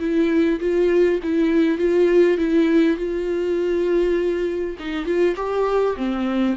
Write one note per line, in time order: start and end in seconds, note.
0.00 0.60 E4
0.61 1.21 F4
1.23 1.79 E4
1.79 2.38 F4
2.38 2.97 E4
2.97 4.77 F4
4.79 5.06 D#4
5.06 5.36 F4
5.37 5.97 G4
5.97 6.57 C4